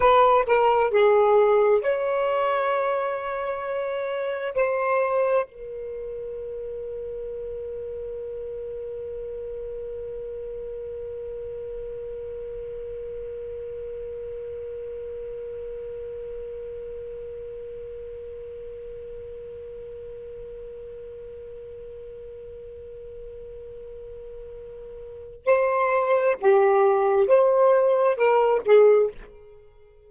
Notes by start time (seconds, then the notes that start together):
0.00 B4
0.46 A#4
0.90 G#4
1.81 C#5
4.55 C5
5.45 A#4
25.45 C5
26.40 G4
27.27 C5
28.16 A#4
28.65 G#4